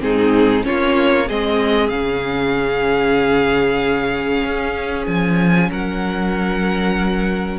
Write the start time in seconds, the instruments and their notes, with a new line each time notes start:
0.00 cello G#2, viola C4, violin D#4 G#4
0.63 viola C#4, violin F4 C#5
0.70 cello A#3
1.28 cello G#3, viola C4, violin G#4 D#5
1.89 cello C#3, viola C#4, violin F5
4.44 cello C#4
5.07 cello F3, violin G#5
5.71 cello F#3, violin A#4 F#5